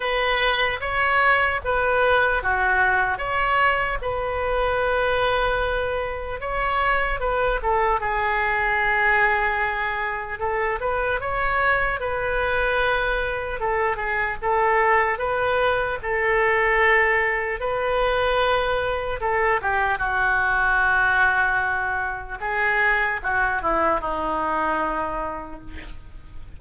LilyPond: \new Staff \with { instrumentName = "oboe" } { \time 4/4 \tempo 4 = 75 b'4 cis''4 b'4 fis'4 | cis''4 b'2. | cis''4 b'8 a'8 gis'2~ | gis'4 a'8 b'8 cis''4 b'4~ |
b'4 a'8 gis'8 a'4 b'4 | a'2 b'2 | a'8 g'8 fis'2. | gis'4 fis'8 e'8 dis'2 | }